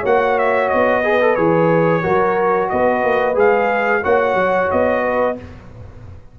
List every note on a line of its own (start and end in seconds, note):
0.00 0.72 A#3
0.00 1.04 F#4
0.00 1.00 C#5
0.00 0.38 F#5
0.38 0.69 E5
0.69 1.37 B3
0.69 1.35 D#5
1.02 1.20 G#4
1.02 2.02 B4
1.21 1.37 A4
1.35 2.04 E3
1.35 2.03 G#4
1.35 2.69 C#5
2.02 2.71 F#3
2.02 3.34 F#4
2.02 2.69 A#4
2.69 3.04 B3
2.69 4.03 B4
2.69 3.36 D#5
3.04 3.36 A#3
3.34 4.02 G#3
3.34 4.01 G#4
3.34 4.04 F5
4.03 4.34 A#3
4.03 5.36 F#4
4.03 5.03 C#5
4.03 4.71 F#5
4.34 4.67 F#3
4.71 5.39 B3
4.71 5.37 D#5
5.03 5.36 B4